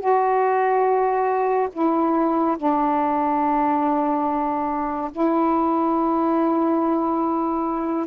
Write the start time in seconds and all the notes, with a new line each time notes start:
0.00 F#4
1.73 E4
2.58 D4
5.12 E4